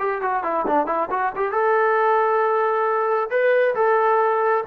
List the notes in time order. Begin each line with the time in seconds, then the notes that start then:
0.00 G4
0.22 F#4
0.44 E4
0.67 D4
0.87 E4
1.11 F#4
1.36 G4
1.52 A4
3.31 B4
3.75 A4